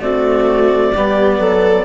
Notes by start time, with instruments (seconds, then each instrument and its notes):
0.00 cello A3, bassoon C4, viola F#4, clarinet D5
0.93 bassoon G3, cello B3, viola G4
1.40 bassoon F#3, viola A4